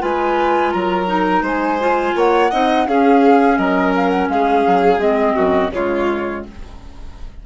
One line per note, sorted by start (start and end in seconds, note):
0.00 0.74 G#3
0.00 1.07 F4
0.00 0.73 B4
0.00 0.71 G#5
0.71 1.42 F#3
0.71 1.43 A#4
0.71 1.43 A#5
1.07 1.79 D#4
1.42 2.13 G#3
1.42 2.14 C5
1.42 2.18 G#5
1.80 2.51 F4
2.15 2.51 A#3
2.15 2.51 C#5
2.15 2.88 F#5
2.51 2.87 C4
2.51 2.87 D#4
2.51 2.87 D#5
2.87 3.58 C#4
2.87 5.00 C#4
2.87 3.58 G#4
2.87 3.57 F5
3.57 4.29 F#3
3.57 4.29 A#4
3.57 3.93 D#5
3.96 4.10 F5
4.10 4.28 F#5
4.29 4.64 G#3
4.29 5.36 G#4
4.29 5.00 F5
4.67 4.98 F#3
4.98 5.34 G#3
4.98 5.72 C4
4.98 5.72 D#5
5.36 5.71 F#2
5.36 5.71 F#4
5.71 6.43 C#3
5.71 6.44 G#3
5.71 6.46 F4
5.71 6.45 C#5